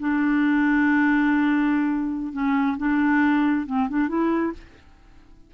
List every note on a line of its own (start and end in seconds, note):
0.00 2.33 D4
2.33 2.78 C#4
2.78 3.67 D4
3.67 3.89 C4
3.89 4.09 D4
4.09 4.53 E4